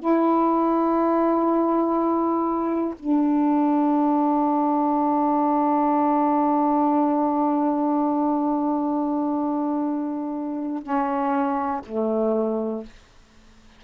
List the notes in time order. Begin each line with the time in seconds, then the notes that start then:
0.00 E4
3.00 D4
10.83 C#4
11.86 A3